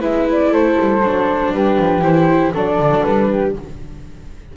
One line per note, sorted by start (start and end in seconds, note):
0.00 0.52 G#3
0.00 1.01 E4
0.00 0.51 B4
0.00 0.28 E5
0.32 0.53 D5
0.52 0.77 A3
0.52 1.53 A4
0.52 1.53 C5
0.80 1.02 G3
1.02 1.52 F#3
1.02 2.02 D4
1.53 1.78 G3
1.53 2.54 G4
1.53 2.03 B4
1.79 2.02 F3
2.02 2.52 E3
2.02 2.53 E4
2.02 2.54 C5
2.54 2.79 F#3
2.54 3.55 D4
2.54 3.29 A4
2.54 3.04 D5
2.79 2.90 D3
2.90 3.03 F#3
3.04 3.57 G3
3.04 3.55 B4
3.31 3.56 G4